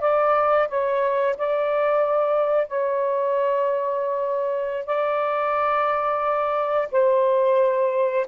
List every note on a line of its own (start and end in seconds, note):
0.00 0.67 D5
0.68 1.35 C#5
1.37 2.67 D5
2.67 4.86 C#5
4.86 6.88 D5
6.91 8.26 C5